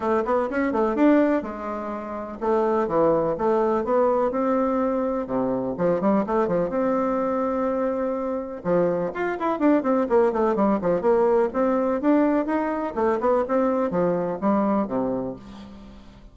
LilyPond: \new Staff \with { instrumentName = "bassoon" } { \time 4/4 \tempo 4 = 125 a8 b8 cis'8 a8 d'4 gis4~ | gis4 a4 e4 a4 | b4 c'2 c4 | f8 g8 a8 f8 c'2~ |
c'2 f4 f'8 e'8 | d'8 c'8 ais8 a8 g8 f8 ais4 | c'4 d'4 dis'4 a8 b8 | c'4 f4 g4 c4 | }